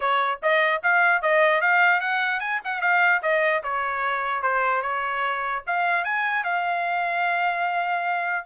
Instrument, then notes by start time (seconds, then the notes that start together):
trumpet
0.00 C#5
0.42 D#5
0.82 F5
1.22 D#5
1.61 F5
2.00 F#5
2.40 G#5
2.64 F#5
2.81 F5
3.22 D#5
3.63 C#5
4.42 C5
4.82 C#5
5.66 F5
6.04 G#5
6.44 F5